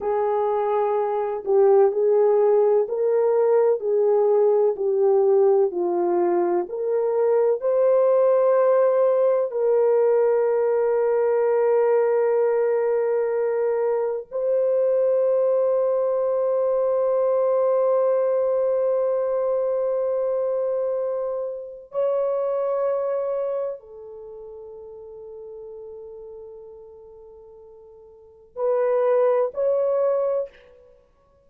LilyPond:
\new Staff \with { instrumentName = "horn" } { \time 4/4 \tempo 4 = 63 gis'4. g'8 gis'4 ais'4 | gis'4 g'4 f'4 ais'4 | c''2 ais'2~ | ais'2. c''4~ |
c''1~ | c''2. cis''4~ | cis''4 a'2.~ | a'2 b'4 cis''4 | }